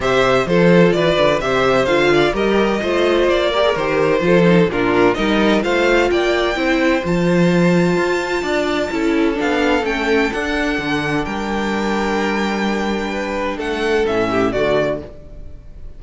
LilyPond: <<
  \new Staff \with { instrumentName = "violin" } { \time 4/4 \tempo 4 = 128 e''4 c''4 d''4 e''4 | f''4 dis''2 d''4 | c''2 ais'4 dis''4 | f''4 g''2 a''4~ |
a''1 | f''4 g''4 fis''2 | g''1~ | g''4 fis''4 e''4 d''4 | }
  \new Staff \with { instrumentName = "violin" } { \time 4/4 c''4 a'4 b'4 c''4~ | c''8 d''8 ais'4 c''4. ais'8~ | ais'4 a'4 f'4 ais'4 | c''4 d''4 c''2~ |
c''2 d''4 a'4~ | a'1 | ais'1 | b'4 a'4. g'8 fis'4 | }
  \new Staff \with { instrumentName = "viola" } { \time 4/4 g'4 f'2 g'4 | f'4 g'4 f'4. g'16 gis'16 | g'4 f'8 dis'8 d'4 dis'4 | f'2 e'4 f'4~ |
f'2. e'4 | d'4 cis'4 d'2~ | d'1~ | d'2 cis'4 a4 | }
  \new Staff \with { instrumentName = "cello" } { \time 4/4 c4 f4 e8 d8 c4 | d4 g4 a4 ais4 | dis4 f4 ais,4 g4 | a4 ais4 c'4 f4~ |
f4 f'4 d'4 cis'4 | b4 a4 d'4 d4 | g1~ | g4 a4 a,4 d4 | }
>>